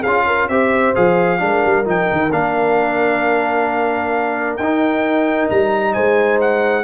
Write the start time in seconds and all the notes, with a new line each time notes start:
0.00 C#4 G#4 F5
0.07 F4
0.26 A#4
0.49 C4 G4 C5 E5
0.95 F3 G#4 F5
1.39 G#3 D4 A#4
1.65 G3
1.85 F3 D#4 G5
2.12 D#3
2.32 A#3 D4 F5
4.57 D#4 G5
5.50 G3 A#5
5.93 G#3 C5 G#5
6.41 F#5